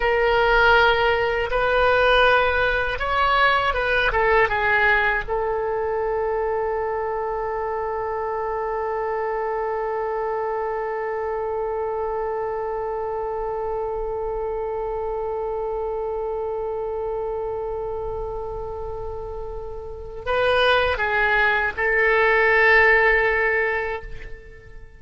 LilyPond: \new Staff \with { instrumentName = "oboe" } { \time 4/4 \tempo 4 = 80 ais'2 b'2 | cis''4 b'8 a'8 gis'4 a'4~ | a'1~ | a'1~ |
a'1~ | a'1~ | a'2. b'4 | gis'4 a'2. | }